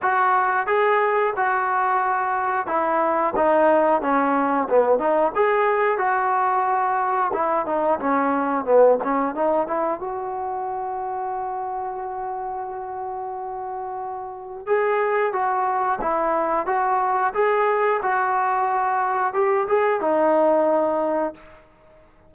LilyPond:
\new Staff \with { instrumentName = "trombone" } { \time 4/4 \tempo 4 = 90 fis'4 gis'4 fis'2 | e'4 dis'4 cis'4 b8 dis'8 | gis'4 fis'2 e'8 dis'8 | cis'4 b8 cis'8 dis'8 e'8 fis'4~ |
fis'1~ | fis'2 gis'4 fis'4 | e'4 fis'4 gis'4 fis'4~ | fis'4 g'8 gis'8 dis'2 | }